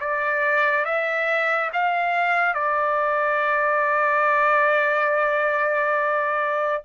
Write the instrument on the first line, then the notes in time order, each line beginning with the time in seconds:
trumpet
0.00 D5
0.85 E5
1.73 F5
2.54 D5